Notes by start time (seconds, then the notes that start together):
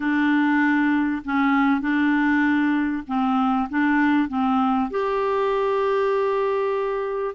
0.00 D4
1.24 C#4
1.80 D4
3.07 C4
3.69 D4
4.28 C4
4.90 G4